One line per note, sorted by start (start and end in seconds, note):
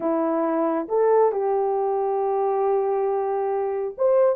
0.00 0.88 E4
0.88 1.32 A4
1.32 3.94 G4
3.97 4.36 C5